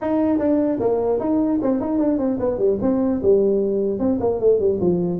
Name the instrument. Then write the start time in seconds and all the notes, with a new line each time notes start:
tuba
0.01 D#4
0.38 D4
0.79 A#3
1.19 D#4
1.62 C4
1.80 D#4
1.98 D4
2.18 C4
2.39 B3
2.58 G3
2.81 C4
3.22 G3
3.99 C4
4.20 A#3
4.40 A3
4.59 G3
4.80 F3